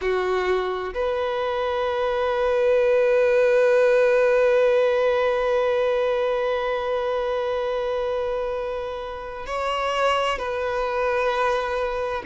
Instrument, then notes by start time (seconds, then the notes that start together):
violin
0.01 F#4
0.94 B4
9.46 C#5
10.38 B4